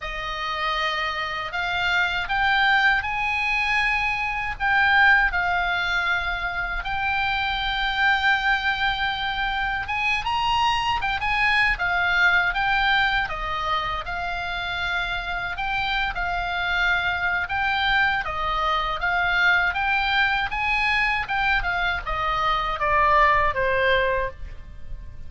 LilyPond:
\new Staff \with { instrumentName = "oboe" } { \time 4/4 \tempo 4 = 79 dis''2 f''4 g''4 | gis''2 g''4 f''4~ | f''4 g''2.~ | g''4 gis''8 ais''4 g''16 gis''8. f''8~ |
f''8 g''4 dis''4 f''4.~ | f''8 g''8. f''4.~ f''16 g''4 | dis''4 f''4 g''4 gis''4 | g''8 f''8 dis''4 d''4 c''4 | }